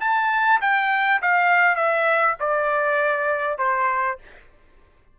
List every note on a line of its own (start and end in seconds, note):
0.00 0.60 A5
0.61 1.21 G5
1.22 1.76 F5
1.76 2.36 E5
2.40 3.58 D5
3.58 4.18 C5